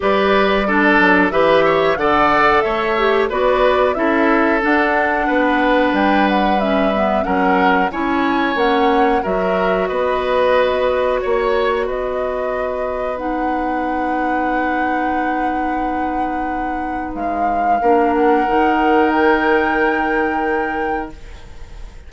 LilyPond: <<
  \new Staff \with { instrumentName = "flute" } { \time 4/4 \tempo 4 = 91 d''2 e''4 fis''4 | e''4 d''4 e''4 fis''4~ | fis''4 g''8 fis''8 e''4 fis''4 | gis''4 fis''4 e''4 dis''4~ |
dis''4 cis''4 dis''2 | fis''1~ | fis''2 f''4. fis''8~ | fis''4 g''2. | }
  \new Staff \with { instrumentName = "oboe" } { \time 4/4 b'4 a'4 b'8 cis''8 d''4 | cis''4 b'4 a'2 | b'2. ais'4 | cis''2 ais'4 b'4~ |
b'4 cis''4 b'2~ | b'1~ | b'2. ais'4~ | ais'1 | }
  \new Staff \with { instrumentName = "clarinet" } { \time 4/4 g'4 d'4 g'4 a'4~ | a'8 g'8 fis'4 e'4 d'4~ | d'2 cis'8 b8 cis'4 | e'4 cis'4 fis'2~ |
fis'1 | dis'1~ | dis'2. d'4 | dis'1 | }
  \new Staff \with { instrumentName = "bassoon" } { \time 4/4 g4. fis8 e4 d4 | a4 b4 cis'4 d'4 | b4 g2 fis4 | cis'4 ais4 fis4 b4~ |
b4 ais4 b2~ | b1~ | b2 gis4 ais4 | dis1 | }
>>